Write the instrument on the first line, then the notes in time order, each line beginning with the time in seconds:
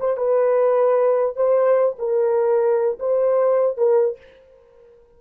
horn
0.00 C5
0.17 B4
1.37 C5
1.99 A#4
3.00 C5
3.78 A#4